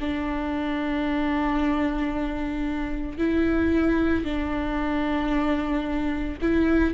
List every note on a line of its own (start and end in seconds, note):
0.00 3.18 D4
3.18 4.24 E4
4.24 6.38 D4
6.41 6.94 E4